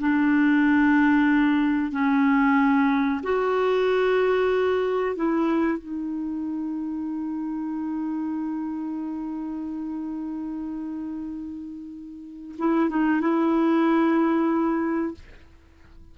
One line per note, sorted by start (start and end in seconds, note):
0.00 1.91 D4
1.91 3.21 C#4
3.23 5.15 F#4
5.15 5.78 E4
5.78 12.55 D#4
12.58 12.89 E4
12.89 13.21 D#4
13.21 15.14 E4